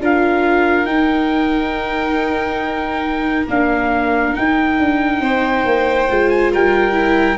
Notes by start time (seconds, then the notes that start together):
0.00 D4 F4 A#4 F5
0.85 D#4 G5
3.47 A#3 D4 F5
4.33 D#4 G5
4.79 D4
5.20 C4 C5
5.65 A#3
6.09 G#3 F4
6.29 G#5
6.52 G3 A#4 G5
6.92 E4